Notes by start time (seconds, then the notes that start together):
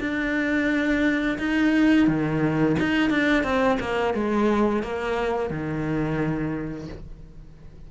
0.00 D4
1.39 D#4
2.08 D#3
2.79 D#4
3.10 D4
3.44 C4
3.80 A#3
4.14 G#3
4.83 A#3
5.50 D#3